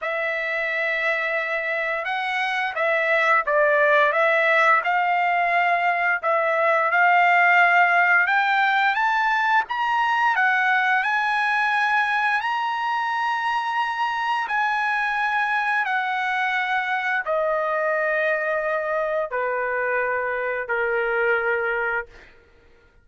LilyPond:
\new Staff \with { instrumentName = "trumpet" } { \time 4/4 \tempo 4 = 87 e''2. fis''4 | e''4 d''4 e''4 f''4~ | f''4 e''4 f''2 | g''4 a''4 ais''4 fis''4 |
gis''2 ais''2~ | ais''4 gis''2 fis''4~ | fis''4 dis''2. | b'2 ais'2 | }